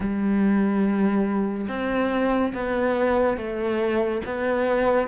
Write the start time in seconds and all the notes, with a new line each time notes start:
0.00 G3
1.68 C4
2.54 B3
3.37 A3
4.25 B3